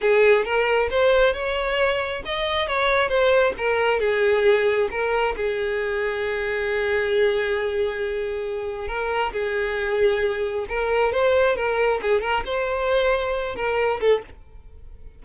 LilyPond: \new Staff \with { instrumentName = "violin" } { \time 4/4 \tempo 4 = 135 gis'4 ais'4 c''4 cis''4~ | cis''4 dis''4 cis''4 c''4 | ais'4 gis'2 ais'4 | gis'1~ |
gis'1 | ais'4 gis'2. | ais'4 c''4 ais'4 gis'8 ais'8 | c''2~ c''8 ais'4 a'8 | }